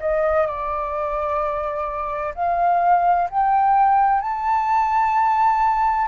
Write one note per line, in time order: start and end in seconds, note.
0.00 0.46 D#5
0.46 2.34 D5
2.35 3.29 F5
3.30 4.21 G5
4.21 6.08 A5